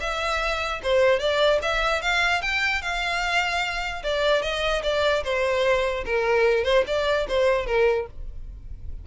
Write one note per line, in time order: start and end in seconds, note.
0.00 0.81 E5
0.83 1.19 C5
1.19 1.59 D5
1.62 2.01 E5
2.01 2.41 F5
2.41 2.82 G5
2.82 4.02 F5
4.03 4.42 D5
4.42 4.82 D#5
4.83 5.23 D5
5.23 6.04 C5
6.05 6.64 A#4
6.64 6.84 C5
6.87 7.27 D5
7.28 7.66 C5
7.66 8.06 A#4